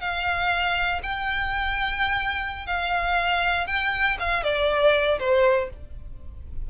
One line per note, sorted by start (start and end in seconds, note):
0.00 1.01 F5
1.02 2.66 G5
2.66 3.66 F5
3.66 4.17 G5
4.19 4.43 F5
4.43 5.18 D5
5.19 5.69 C5